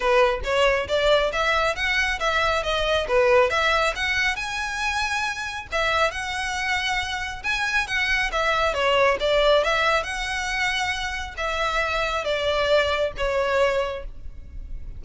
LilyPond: \new Staff \with { instrumentName = "violin" } { \time 4/4 \tempo 4 = 137 b'4 cis''4 d''4 e''4 | fis''4 e''4 dis''4 b'4 | e''4 fis''4 gis''2~ | gis''4 e''4 fis''2~ |
fis''4 gis''4 fis''4 e''4 | cis''4 d''4 e''4 fis''4~ | fis''2 e''2 | d''2 cis''2 | }